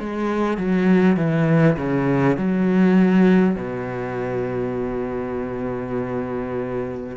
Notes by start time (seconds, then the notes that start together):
0.00 G#3
0.58 F#3
1.17 E3
1.77 C#3
2.38 F#3
3.56 B2